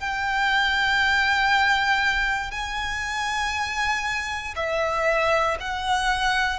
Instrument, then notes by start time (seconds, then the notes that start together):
violin
0.00 G5
2.51 G#5
4.56 E5
5.61 F#5